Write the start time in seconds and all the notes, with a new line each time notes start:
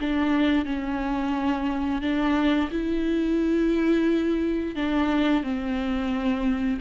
0.00 D4
0.65 C#4
2.01 D4
2.71 E4
4.76 D4
5.43 C4